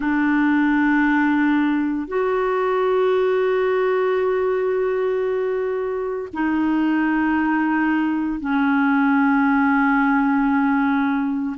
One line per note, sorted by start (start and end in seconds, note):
0.00 2.07 D4
2.07 6.28 F#4
6.33 8.40 D#4
8.40 11.56 C#4